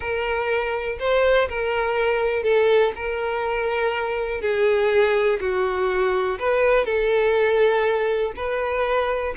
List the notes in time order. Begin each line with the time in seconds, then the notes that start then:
0.00 A#4
0.99 C5
1.48 A#4
2.43 A4
2.95 A#4
4.41 G#4
5.40 F#4
6.39 B4
6.85 A4
8.36 B4